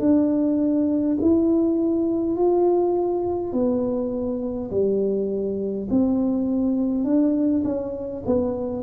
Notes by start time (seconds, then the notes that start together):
0.00 D4
1.21 E4
2.36 F4
3.52 B3
4.71 G3
5.90 C4
7.04 D4
7.64 C#4
8.26 B3